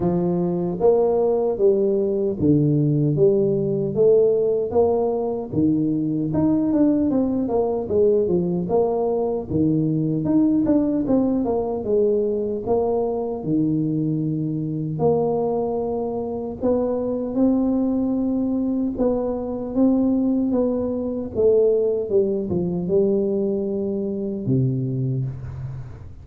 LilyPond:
\new Staff \with { instrumentName = "tuba" } { \time 4/4 \tempo 4 = 76 f4 ais4 g4 d4 | g4 a4 ais4 dis4 | dis'8 d'8 c'8 ais8 gis8 f8 ais4 | dis4 dis'8 d'8 c'8 ais8 gis4 |
ais4 dis2 ais4~ | ais4 b4 c'2 | b4 c'4 b4 a4 | g8 f8 g2 c4 | }